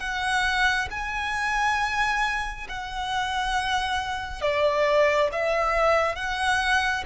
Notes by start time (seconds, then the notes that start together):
0.00 F#5
0.91 G#5
2.69 F#5
4.42 D5
5.33 E5
6.16 F#5